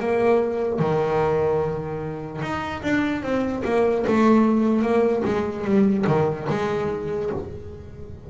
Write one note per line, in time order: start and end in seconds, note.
0.00 0.79 A#3
0.79 2.41 D#3
2.42 2.83 D#4
2.83 3.23 D4
3.23 3.63 C4
3.65 4.05 A#3
4.07 4.82 A3
4.82 5.23 A#3
5.26 5.65 G#3
5.65 6.05 G3
6.07 6.48 D#3
6.49 7.30 G#3